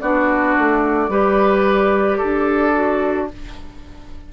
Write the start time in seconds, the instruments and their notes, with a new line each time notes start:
0.00 bassoon B3, clarinet D4, oboe F#4, flute D5
0.58 bassoon A3
1.09 bassoon G3, clarinet G4, oboe B4
2.18 bassoon D4, oboe A4
2.73 clarinet F#4